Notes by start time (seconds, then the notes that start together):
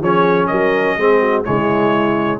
0.00 F3 C#4 G#4 C#5
0.47 F#3 A#4 D#5
0.97 G#3 C4 G#4
1.21 F#4
1.44 C#3 G#3 E4 C#5